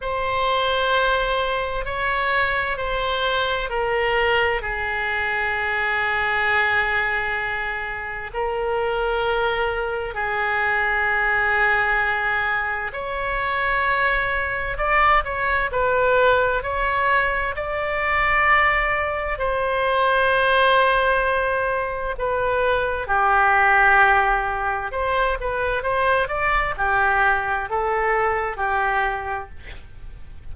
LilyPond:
\new Staff \with { instrumentName = "oboe" } { \time 4/4 \tempo 4 = 65 c''2 cis''4 c''4 | ais'4 gis'2.~ | gis'4 ais'2 gis'4~ | gis'2 cis''2 |
d''8 cis''8 b'4 cis''4 d''4~ | d''4 c''2. | b'4 g'2 c''8 b'8 | c''8 d''8 g'4 a'4 g'4 | }